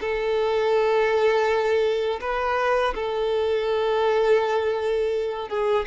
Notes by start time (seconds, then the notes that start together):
0.00 A4
2.21 B4
2.94 A4
5.48 G#4